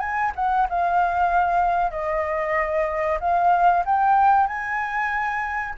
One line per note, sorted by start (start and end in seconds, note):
0.00 0.32 G#5
0.35 0.67 F#5
0.69 1.91 F5
1.91 3.19 D#5
3.20 3.84 F5
3.85 4.47 G5
4.47 5.74 G#5